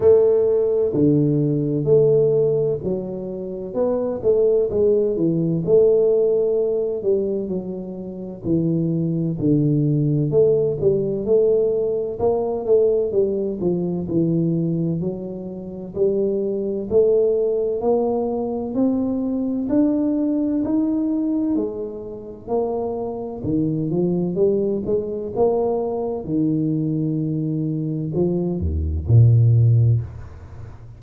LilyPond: \new Staff \with { instrumentName = "tuba" } { \time 4/4 \tempo 4 = 64 a4 d4 a4 fis4 | b8 a8 gis8 e8 a4. g8 | fis4 e4 d4 a8 g8 | a4 ais8 a8 g8 f8 e4 |
fis4 g4 a4 ais4 | c'4 d'4 dis'4 gis4 | ais4 dis8 f8 g8 gis8 ais4 | dis2 f8 dis,8 ais,4 | }